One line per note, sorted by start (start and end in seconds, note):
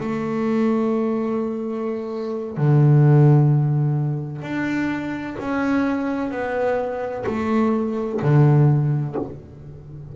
0.00 2.57 A3
2.57 4.42 D3
4.42 5.36 D4
5.40 6.31 C#4
6.31 7.25 B3
7.27 8.20 A3
8.22 9.16 D3